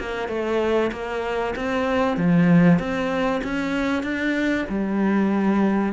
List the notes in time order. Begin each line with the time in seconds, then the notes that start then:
0.00 A#3
0.29 A3
0.92 A#3
1.56 C4
2.17 F3
2.79 C4
3.44 C#4
4.03 D4
4.69 G3